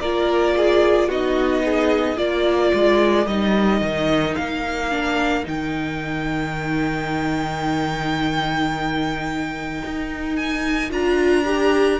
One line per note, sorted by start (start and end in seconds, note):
0.00 1.08 A#3
0.00 1.11 F4
0.00 0.55 A#4
0.00 1.09 D5
0.57 1.08 G#4
1.08 2.17 B3
1.08 2.16 D#4
1.08 1.63 F#4
1.08 2.18 D#5
1.65 2.18 G#4
2.16 2.72 A#3
2.16 3.25 F4
2.16 12.00 A#4
2.16 3.27 D5
2.73 3.26 G#3
3.26 3.81 G3
3.26 4.91 D#4
3.26 4.35 D#5
3.81 4.35 D#3
4.35 5.47 A#3
4.35 5.44 F5
4.91 5.43 D4
5.43 9.83 D#3
5.43 10.89 D#4
5.43 10.36 G5
9.84 10.91 D#4
10.36 10.90 G#5
10.89 12.00 D4
10.89 11.44 F4
10.89 12.00 A#5
11.45 11.99 G4